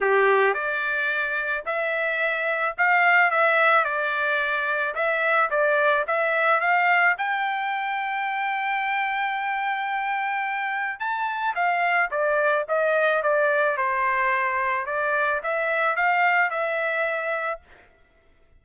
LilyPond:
\new Staff \with { instrumentName = "trumpet" } { \time 4/4 \tempo 4 = 109 g'4 d''2 e''4~ | e''4 f''4 e''4 d''4~ | d''4 e''4 d''4 e''4 | f''4 g''2.~ |
g''1 | a''4 f''4 d''4 dis''4 | d''4 c''2 d''4 | e''4 f''4 e''2 | }